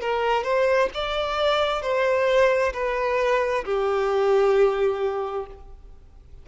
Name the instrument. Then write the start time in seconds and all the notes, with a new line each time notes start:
violin
0.00 A#4
0.43 C5
0.93 D5
1.81 C5
2.73 B4
3.64 G4